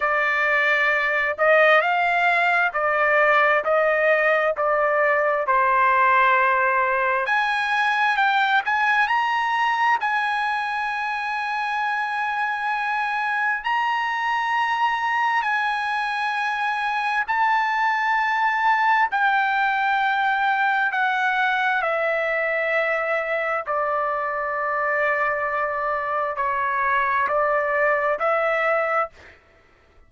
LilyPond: \new Staff \with { instrumentName = "trumpet" } { \time 4/4 \tempo 4 = 66 d''4. dis''8 f''4 d''4 | dis''4 d''4 c''2 | gis''4 g''8 gis''8 ais''4 gis''4~ | gis''2. ais''4~ |
ais''4 gis''2 a''4~ | a''4 g''2 fis''4 | e''2 d''2~ | d''4 cis''4 d''4 e''4 | }